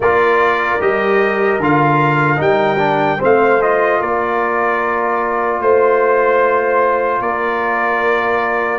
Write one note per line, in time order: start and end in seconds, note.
0.00 0.79 A#3
0.00 0.80 F4
0.00 3.18 A#4
0.00 0.81 D5
0.80 1.59 G3
0.80 1.60 G4
0.80 1.61 D#5
1.59 2.39 D3
1.59 2.36 F4
1.59 2.41 F5
2.36 3.20 G3
2.36 2.76 D#4
2.36 3.21 G5
2.78 3.18 D4
3.18 4.00 A3
3.18 3.60 C4
3.18 3.98 C5
3.18 3.62 F5
3.61 8.79 F4
3.61 4.01 D#5
4.00 5.60 A#3
4.00 5.60 A#4
4.00 5.61 D5
5.60 7.20 A3
5.60 7.21 C5
7.20 8.79 A#3
7.20 8.79 A#4
7.20 8.79 D5